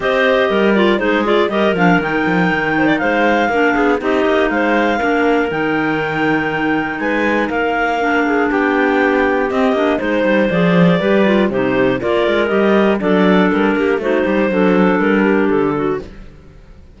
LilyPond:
<<
  \new Staff \with { instrumentName = "clarinet" } { \time 4/4 \tempo 4 = 120 dis''4. d''8 c''8 d''8 dis''8 f''8 | g''2 f''2 | dis''4 f''2 g''4~ | g''2 gis''4 f''4~ |
f''4 g''2 dis''4 | c''4 d''2 c''4 | d''4 dis''4 d''4 ais'4 | c''2 ais'4 a'4 | }
  \new Staff \with { instrumentName = "clarinet" } { \time 4/4 c''4 ais'4 gis'4 ais'4~ | ais'4. c''16 d''16 c''4 ais'8 gis'8 | g'4 c''4 ais'2~ | ais'2 b'4 ais'4~ |
ais'8 gis'8 g'2. | c''2 b'4 g'4 | ais'2 a'4. g'8 | fis'8 g'8 a'4. g'4 fis'8 | }
  \new Staff \with { instrumentName = "clarinet" } { \time 4/4 g'4. f'8 dis'8 f'8 g'8 d'8 | dis'2. d'4 | dis'2 d'4 dis'4~ | dis'1 |
d'2. c'8 d'8 | dis'4 gis'4 g'8 f'8 dis'4 | f'4 g'4 d'2 | dis'4 d'2. | }
  \new Staff \with { instrumentName = "cello" } { \time 4/4 c'4 g4 gis4 g8 f8 | dis8 f8 dis4 gis4 ais8 b8 | c'8 ais8 gis4 ais4 dis4~ | dis2 gis4 ais4~ |
ais4 b2 c'8 ais8 | gis8 g8 f4 g4 c4 | ais8 gis8 g4 fis4 g8 ais8 | a8 g8 fis4 g4 d4 | }
>>